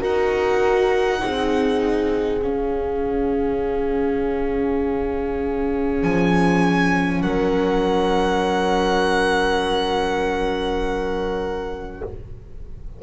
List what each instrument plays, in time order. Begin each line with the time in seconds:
0.00 double bass D#4, viola F#4, horn A#4, violin F#5
1.19 double bass C4, viola D#4, horn G#4
2.42 viola C#4, double bass C#4, violin F5
6.02 double bass F3, violin G#5
7.21 double bass F#3, horn A#4, violin F#5